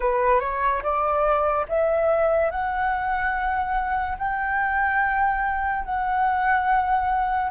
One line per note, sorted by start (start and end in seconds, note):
0.00 0.40 B4
0.40 0.81 C#5
0.82 1.66 D5
1.68 2.50 E5
2.50 4.17 F#5
4.18 5.84 G5
5.84 7.50 F#5